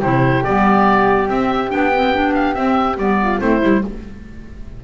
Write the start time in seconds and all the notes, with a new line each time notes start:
0.00 C3 E4 G4 C5
0.44 G3 B3 D5
1.27 C4 E5
1.69 B3 D4 G5
1.95 C4
2.13 D4
2.34 F5
2.54 C4 E5
2.97 G3 B3 D5
3.22 F4
3.38 A3 C4 E4 C5
3.60 G3 E4